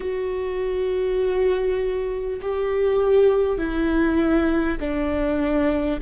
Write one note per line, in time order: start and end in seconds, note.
0.00 2.40 F#4
2.41 3.58 G4
3.58 4.78 E4
4.79 5.99 D4